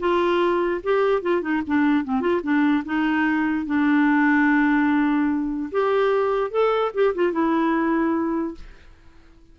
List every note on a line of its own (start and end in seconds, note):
0.00 0.82 F4
0.83 1.22 G4
1.22 1.42 F4
1.42 1.62 D#4
1.67 2.05 D4
2.05 2.21 C4
2.21 2.42 F4
2.43 2.84 D4
2.86 3.66 D#4
3.66 5.71 D4
5.72 6.51 G4
6.51 6.92 A4
6.95 7.15 G4
7.15 7.33 F4
7.33 8.55 E4